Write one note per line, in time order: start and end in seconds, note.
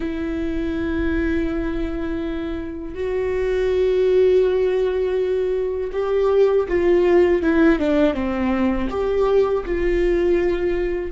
0.00 2.94 E4
2.94 5.90 F#4
5.92 6.66 G4
6.68 7.42 F4
7.42 7.79 E4
7.79 8.14 D4
8.14 8.88 C4
8.90 9.64 G4
9.65 11.11 F4